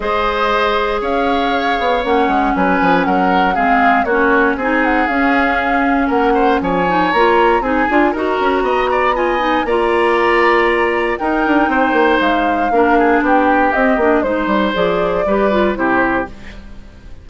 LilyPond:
<<
  \new Staff \with { instrumentName = "flute" } { \time 4/4 \tempo 4 = 118 dis''2 f''2 | fis''4 gis''4 fis''4 f''4 | cis''4 gis''8 fis''8 f''2 | fis''4 gis''4 ais''4 gis''4 |
ais''2 gis''4 ais''4~ | ais''2 g''2 | f''2 g''4 dis''4 | c''4 d''2 c''4 | }
  \new Staff \with { instrumentName = "oboe" } { \time 4/4 c''2 cis''2~ | cis''4 b'4 ais'4 gis'4 | fis'4 gis'2. | ais'8 c''8 cis''2 gis'4 |
ais'4 dis''8 d''8 dis''4 d''4~ | d''2 ais'4 c''4~ | c''4 ais'8 gis'8 g'2 | c''2 b'4 g'4 | }
  \new Staff \with { instrumentName = "clarinet" } { \time 4/4 gis'1 | cis'2. c'4 | cis'4 dis'4 cis'2~ | cis'4. dis'8 f'4 dis'8 f'8 |
fis'2 f'8 dis'8 f'4~ | f'2 dis'2~ | dis'4 d'2 c'8 d'8 | dis'4 gis'4 g'8 f'8 e'4 | }
  \new Staff \with { instrumentName = "bassoon" } { \time 4/4 gis2 cis'4. b8 | ais8 gis8 fis8 f8 fis4 gis4 | ais4 c'4 cis'2 | ais4 f4 ais4 c'8 d'8 |
dis'8 cis'8 b2 ais4~ | ais2 dis'8 d'8 c'8 ais8 | gis4 ais4 b4 c'8 ais8 | gis8 g8 f4 g4 c4 | }
>>